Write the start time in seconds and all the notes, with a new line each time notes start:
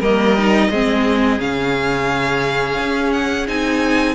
0.00 G3 A#3 A#4 D#5
0.39 D#4
0.71 G#3 C4 G#4
1.40 C#3 C#4 F5
2.80 C#4
3.13 F#5
3.48 C4 D#4 G#5